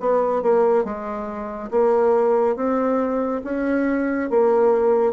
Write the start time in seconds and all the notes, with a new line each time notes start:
0.00 B3
0.42 A#3
0.85 G#3
1.71 A#3
2.56 C4
3.44 C#4
4.30 A#3